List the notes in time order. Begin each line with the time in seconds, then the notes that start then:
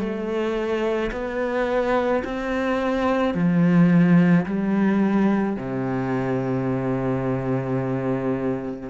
0.00 A3
1.12 B3
2.25 C4
3.34 F3
4.46 G3
5.57 C3